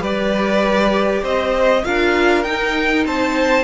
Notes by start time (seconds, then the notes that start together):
0.00 G3 G4 B4 D5
1.22 C4 C5 D#5
1.84 D4 F4 A#4 F5
2.43 D#4 G5
3.05 C4 C5 A5